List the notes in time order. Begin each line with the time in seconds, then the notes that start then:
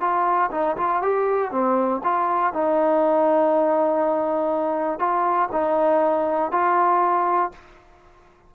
0.00 F4
0.51 D#4
0.77 F4
1.02 G4
1.51 C4
2.03 F4
2.53 D#4
4.99 F4
5.52 D#4
6.51 F4